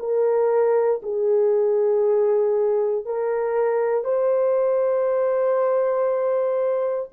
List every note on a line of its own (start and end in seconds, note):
0.00 1.02 A#4
1.03 3.06 G#4
3.06 4.04 A#4
4.04 7.10 C5